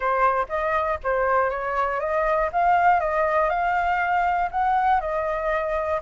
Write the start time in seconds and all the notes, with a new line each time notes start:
0.00 C5
0.48 D#5
1.03 C5
1.50 C#5
2.00 D#5
2.52 F5
3.00 D#5
3.49 F5
4.51 F#5
5.00 D#5